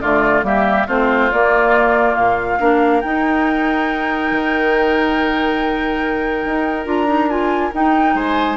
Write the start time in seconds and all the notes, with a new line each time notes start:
0.00 D3 A3 F4 D5
0.42 G3 A#3 G4 E5
0.87 A3 C4 F4 C5
1.31 A#3 D5
2.15 A#2 F5
2.59 A#3 D4 A#4
3.00 D#4 G5
4.31 D#3
6.45 D#4
6.85 D4 F4 A#5
7.06 D#4
7.29 F4 G#5
7.72 D#4 G5
8.14 G#3 C5 G#5